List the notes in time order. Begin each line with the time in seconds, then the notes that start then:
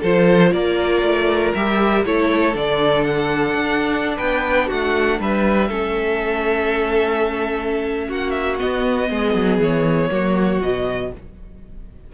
0.00 F3 F4 A4 C5
0.52 A#3 A#4 D5
1.02 A3
1.54 G3 G4 E5
2.05 A3 E4 A4 C#5
2.53 D3 D4 D5
3.04 F#5
3.54 D4
4.16 B3 B4 G5
4.67 A3 F#4 F#5
5.19 G3 B4 E5
5.68 A3 C#4 A4
8.08 A#3 F#4 F#5
8.30 E5
8.59 B3 D#5
9.09 G#3 G#4
9.34 F#3
9.58 E3 C#5
10.10 F#3 A#3 F#4
10.61 B2 F#3 D#5